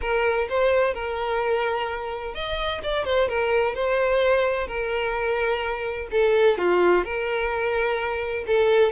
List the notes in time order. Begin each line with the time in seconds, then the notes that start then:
0.01 A#4
0.49 C5
0.94 A#4
2.34 D#5
2.83 D5
3.05 C5
3.28 A#4
3.74 C5
4.67 A#4
6.11 A4
6.58 F4
7.04 A#4
8.46 A4